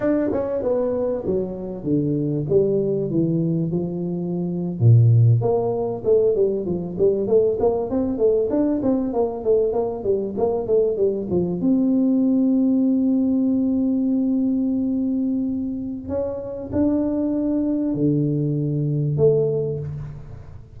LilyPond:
\new Staff \with { instrumentName = "tuba" } { \time 4/4 \tempo 4 = 97 d'8 cis'8 b4 fis4 d4 | g4 e4 f4.~ f16 ais,16~ | ais,8. ais4 a8 g8 f8 g8 a16~ | a16 ais8 c'8 a8 d'8 c'8 ais8 a8 ais16~ |
ais16 g8 ais8 a8 g8 f8 c'4~ c'16~ | c'1~ | c'2 cis'4 d'4~ | d'4 d2 a4 | }